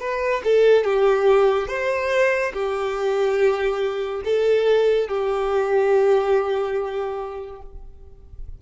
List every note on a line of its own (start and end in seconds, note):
0.00 0.42 B4
0.44 0.84 A4
0.84 1.68 G4
1.68 2.52 C5
2.54 4.23 G4
4.25 5.08 A4
5.08 7.62 G4